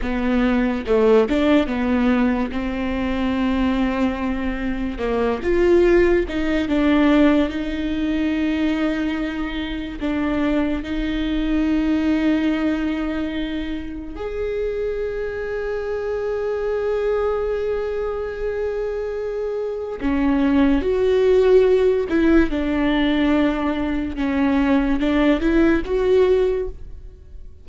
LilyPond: \new Staff \with { instrumentName = "viola" } { \time 4/4 \tempo 4 = 72 b4 a8 d'8 b4 c'4~ | c'2 ais8 f'4 dis'8 | d'4 dis'2. | d'4 dis'2.~ |
dis'4 gis'2.~ | gis'1 | cis'4 fis'4. e'8 d'4~ | d'4 cis'4 d'8 e'8 fis'4 | }